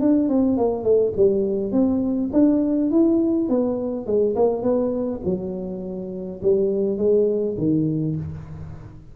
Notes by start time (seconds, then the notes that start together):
0.00 D4
0.29 C4
0.57 A#3
0.83 A3
1.16 G3
1.72 C4
2.33 D4
2.91 E4
3.48 B3
4.06 G#3
4.35 A#3
4.62 B3
5.25 F#3
6.42 G3
6.97 G#3
7.57 D#3